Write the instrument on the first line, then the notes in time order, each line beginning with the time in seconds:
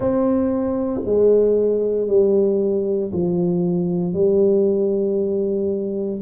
tuba
0.00 C4
1.05 G#3
2.07 G3
3.13 F3
4.13 G3